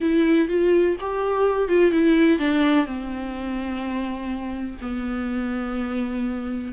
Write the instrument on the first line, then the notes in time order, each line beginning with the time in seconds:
viola
0.00 E4
0.48 F4
1.00 G4
1.68 F4
1.91 E4
2.39 D4
2.85 C4
4.81 B3